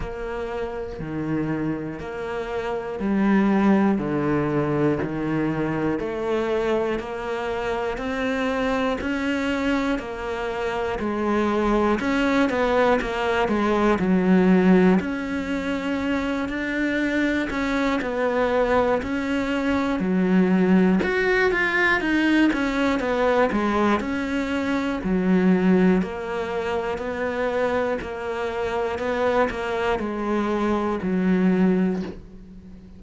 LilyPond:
\new Staff \with { instrumentName = "cello" } { \time 4/4 \tempo 4 = 60 ais4 dis4 ais4 g4 | d4 dis4 a4 ais4 | c'4 cis'4 ais4 gis4 | cis'8 b8 ais8 gis8 fis4 cis'4~ |
cis'8 d'4 cis'8 b4 cis'4 | fis4 fis'8 f'8 dis'8 cis'8 b8 gis8 | cis'4 fis4 ais4 b4 | ais4 b8 ais8 gis4 fis4 | }